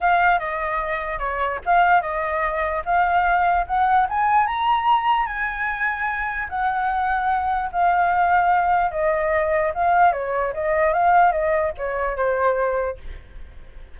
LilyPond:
\new Staff \with { instrumentName = "flute" } { \time 4/4 \tempo 4 = 148 f''4 dis''2 cis''4 | f''4 dis''2 f''4~ | f''4 fis''4 gis''4 ais''4~ | ais''4 gis''2. |
fis''2. f''4~ | f''2 dis''2 | f''4 cis''4 dis''4 f''4 | dis''4 cis''4 c''2 | }